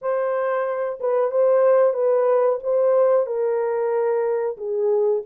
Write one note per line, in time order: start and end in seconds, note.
0.01 0.99 C5
1.00 1.31 B4
1.31 1.93 C5
1.93 2.58 B4
2.63 3.26 C5
3.26 4.57 A#4
4.57 5.22 G#4